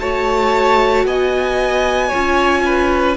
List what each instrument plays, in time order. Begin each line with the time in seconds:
0.00 cello A3, viola F#4, violin C#5 A5
1.05 cello B3, violin D#5 G#5
2.08 viola F4, violin C#5
2.14 cello C#4
2.65 violin B4